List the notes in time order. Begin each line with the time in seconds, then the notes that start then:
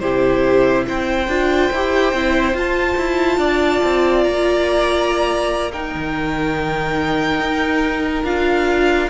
0.00 C3 E4 G4 C5
0.88 C4 C5 G5
1.28 D4 F4
1.73 E4 G4
2.14 C4 E4
2.54 F4 A5
2.98 E4
3.38 D4 D5
3.84 C4
4.24 A#3 A#5
5.73 D#4 A#4 G5
5.95 D#3
7.40 D#4
8.25 D4 F4 F5